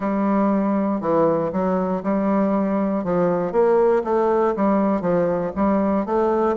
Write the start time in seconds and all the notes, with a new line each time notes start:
0.00 G3
1.00 E3
1.52 F#3
2.03 G3
3.03 F3
3.52 A#3
4.04 A3
4.55 G3
5.01 F3
5.55 G3
6.05 A3